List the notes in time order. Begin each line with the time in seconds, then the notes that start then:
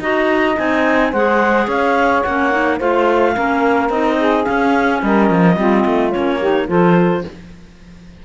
0.00 D#4 F#4 D#5 A#5
0.57 C4 D#4 G#5
1.11 G#3 G#4 C5 F#5
1.66 C#4 C#5 F5
2.23 A#3 C#4 F#5
2.52 D#4
2.79 A3 F4 C5 F5
3.35 A#3 C#4 A#4
3.90 C4 D#4 D#5
4.18 G#4
4.45 C#4 F5
5.03 G3 A#4 D#5
5.31 F3
5.56 G3 C4 F4
5.86 A3
6.12 A#3 C#4 C#5
6.39 D#4 G4
6.68 F3 F4 A4 C5